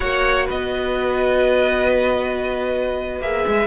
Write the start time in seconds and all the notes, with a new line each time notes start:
0.00 A#3 F#4 C#5 F#5
0.46 B3 B4 D#5
3.20 A#3 G#4 E5
3.47 G#3